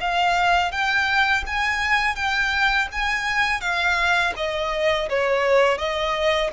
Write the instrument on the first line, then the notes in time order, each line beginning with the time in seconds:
violin
0.00 F5
0.71 G5
1.46 G#5
2.15 G5
2.91 G#5
3.60 F5
4.36 D#5
5.09 C#5
5.78 D#5